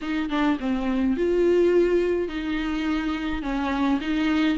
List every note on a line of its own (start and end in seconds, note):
0.01 0.29 D#4
0.29 0.58 D4
0.59 1.16 C4
1.16 2.28 F4
2.28 3.42 D#4
3.42 3.99 C#4
4.01 4.58 D#4